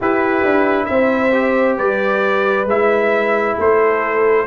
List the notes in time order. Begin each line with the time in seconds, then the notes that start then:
0.00 E4 G4 B4
0.43 D4
0.85 C4 C5 E5
1.32 G4
1.77 G3 B4 D5
2.65 G#3 E4 E5
3.56 A3 A4 C5